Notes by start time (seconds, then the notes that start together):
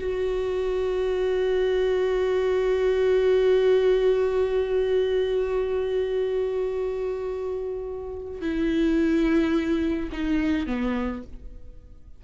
0.00 F#4
8.41 E4
10.12 D#4
10.67 B3